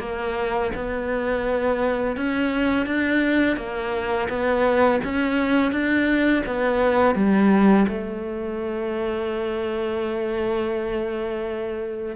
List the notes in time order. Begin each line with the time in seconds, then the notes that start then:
0.00 A#3
0.76 B3
2.17 C#4
2.87 D4
3.57 A#3
4.30 B3
5.05 C#4
5.72 D4
6.47 B3
7.16 G3
7.89 A3